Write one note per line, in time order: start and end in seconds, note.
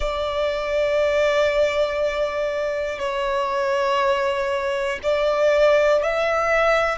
0.00 2.99 D5
2.99 4.99 C#5
5.03 6.02 D5
6.02 6.98 E5